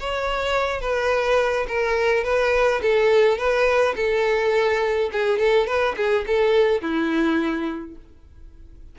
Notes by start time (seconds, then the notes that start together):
0.00 C#5
0.81 B4
1.68 A#4
2.24 B4
2.82 A4
3.38 B4
3.96 A4
5.12 G#4
5.39 A4
5.67 B4
5.97 G#4
6.27 A4
6.82 E4